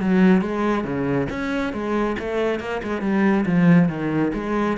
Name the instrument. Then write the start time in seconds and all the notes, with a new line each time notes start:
cello
0.00 F#3
0.41 G#3
0.84 C#3
1.29 C#4
1.73 G#3
2.18 A3
2.59 A#3
2.83 G#3
3.01 G3
3.45 F3
3.88 D#3
4.33 G#3